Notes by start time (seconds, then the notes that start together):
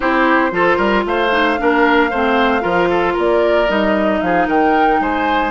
0.00 C4 E4 G4 C5
0.51 F3 F4 A4
0.76 G3 A#4
1.05 A3 C5 F5
1.30 D#4
1.57 A#3 D4 A#4
2.10 A3 C4 C5
2.60 F3 F4 A#4
2.89 A4
3.13 A#3 A#4 D5
3.68 G3 D#4 D#5
4.21 F3 G#4 F5
4.47 D#3 A#4 G5
4.99 G#3 C5 G#5